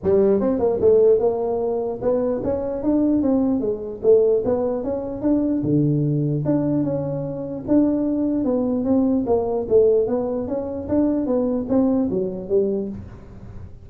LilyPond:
\new Staff \with { instrumentName = "tuba" } { \time 4/4 \tempo 4 = 149 g4 c'8 ais8 a4 ais4~ | ais4 b4 cis'4 d'4 | c'4 gis4 a4 b4 | cis'4 d'4 d2 |
d'4 cis'2 d'4~ | d'4 b4 c'4 ais4 | a4 b4 cis'4 d'4 | b4 c'4 fis4 g4 | }